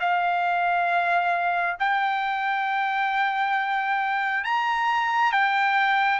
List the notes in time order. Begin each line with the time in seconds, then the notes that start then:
0.00 F5
1.79 G5
4.44 A#5
5.32 G5